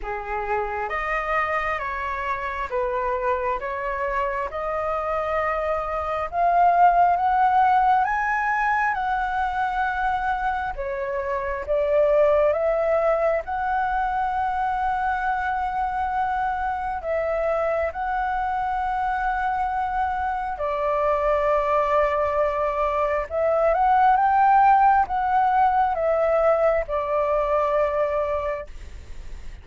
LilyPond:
\new Staff \with { instrumentName = "flute" } { \time 4/4 \tempo 4 = 67 gis'4 dis''4 cis''4 b'4 | cis''4 dis''2 f''4 | fis''4 gis''4 fis''2 | cis''4 d''4 e''4 fis''4~ |
fis''2. e''4 | fis''2. d''4~ | d''2 e''8 fis''8 g''4 | fis''4 e''4 d''2 | }